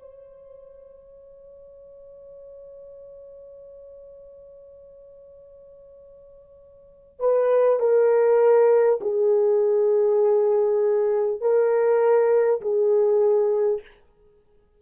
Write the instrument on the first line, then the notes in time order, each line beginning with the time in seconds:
horn
0.00 C#5
7.20 B4
7.79 A#4
9.01 G#4
11.41 A#4
12.61 G#4